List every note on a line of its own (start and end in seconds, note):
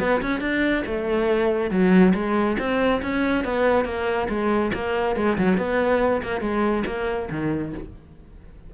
0.00 0.21 B3
0.22 0.41 C#4
0.41 0.84 D4
0.86 1.71 A3
1.71 2.14 F#3
2.15 2.58 G#3
2.59 3.02 C4
3.03 3.45 C#4
3.45 3.85 B3
3.85 4.28 A#3
4.29 4.72 G#3
4.74 5.16 A#3
5.16 5.38 G#3
5.38 5.58 F#3
5.58 6.22 B3
6.23 6.41 A#3
6.41 6.84 G#3
6.86 7.29 A#3
7.31 7.74 D#3